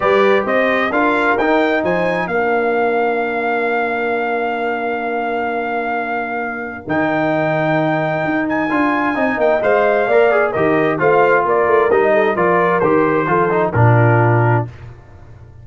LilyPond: <<
  \new Staff \with { instrumentName = "trumpet" } { \time 4/4 \tempo 4 = 131 d''4 dis''4 f''4 g''4 | gis''4 f''2.~ | f''1~ | f''2. g''4~ |
g''2~ g''8 gis''4.~ | gis''8 g''8 f''2 dis''4 | f''4 d''4 dis''4 d''4 | c''2 ais'2 | }
  \new Staff \with { instrumentName = "horn" } { \time 4/4 b'4 c''4 ais'2 | c''4 ais'2.~ | ais'1~ | ais'1~ |
ais'1 | dis''2 d''4 ais'4 | c''4 ais'4. a'8 ais'4~ | ais'4 a'4 f'2 | }
  \new Staff \with { instrumentName = "trombone" } { \time 4/4 g'2 f'4 dis'4~ | dis'4 d'2.~ | d'1~ | d'2. dis'4~ |
dis'2. f'4 | dis'4 c''4 ais'8 gis'8 g'4 | f'2 dis'4 f'4 | g'4 f'8 dis'8 d'2 | }
  \new Staff \with { instrumentName = "tuba" } { \time 4/4 g4 c'4 d'4 dis'4 | f4 ais2.~ | ais1~ | ais2. dis4~ |
dis2 dis'4 d'4 | c'8 ais8 gis4 ais4 dis4 | a4 ais8 a8 g4 f4 | dis4 f4 ais,2 | }
>>